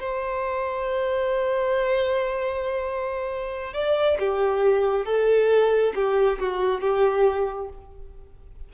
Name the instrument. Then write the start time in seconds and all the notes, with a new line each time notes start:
violin
0.00 C5
3.74 D5
4.20 G4
5.06 A4
5.95 G4
6.40 F#4
6.81 G4